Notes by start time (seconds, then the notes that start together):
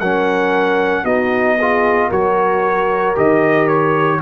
0.00 F#3 C#4 A#4 F#5
1.04 B3 D#4 F#4 D#5
1.59 F4 G#4
2.09 F#3 F#4 A#4 C#5
3.15 D#3 G4 D#5
3.68 C#5